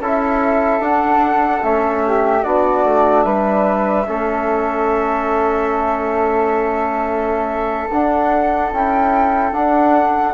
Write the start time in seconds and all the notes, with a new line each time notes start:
0.00 C#4 E4 A4 E5
0.80 D4 F#5
1.63 A3 C#4 E5
2.07 G4
2.43 B3 D4 F#4 D5
2.85 A3
3.23 G3 B4 E5
4.06 A3 C#4 A4
7.90 D4 F#5
8.72 C#4 E4 G5
9.52 D4 F#5